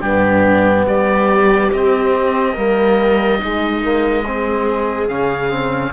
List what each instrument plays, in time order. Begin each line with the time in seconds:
0.00 cello G2, trombone B3, viola D4, oboe G4
0.86 cello G3, viola G4, oboe D5
1.72 cello C4, trombone C4, oboe D#5
2.53 cello G3, trombone A#3, viola A#4
3.38 trombone G#3, cello G#3, viola D#4
3.82 trombone A#3
4.24 trombone C4, viola G#4
5.08 cello C#3, trombone C#4, oboe F5
5.49 trombone C4